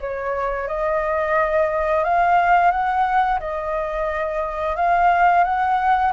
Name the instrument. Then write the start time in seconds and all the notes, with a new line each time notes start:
flute
0.00 C#5
0.68 D#5
2.04 F5
2.71 F#5
3.39 D#5
4.76 F5
5.44 F#5